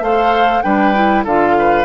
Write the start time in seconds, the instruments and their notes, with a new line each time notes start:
0.00 bassoon A3, clarinet A4, oboe C5, flute F5
0.62 bassoon G3, clarinet D4, oboe B4, flute G5
0.94 clarinet E4
1.24 bassoon D3, clarinet F4, oboe A4, flute F5
1.59 oboe B4